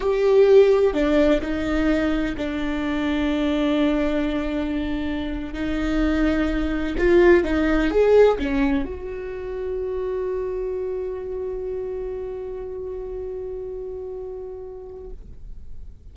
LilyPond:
\new Staff \with { instrumentName = "viola" } { \time 4/4 \tempo 4 = 127 g'2 d'4 dis'4~ | dis'4 d'2.~ | d'2.~ d'8. dis'16~ | dis'2~ dis'8. f'4 dis'16~ |
dis'8. gis'4 cis'4 fis'4~ fis'16~ | fis'1~ | fis'1~ | fis'1 | }